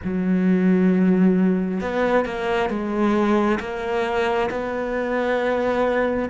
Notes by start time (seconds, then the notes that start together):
0.04 F#3
1.80 B3
2.25 A#3
2.69 G#3
3.60 A#3
4.50 B3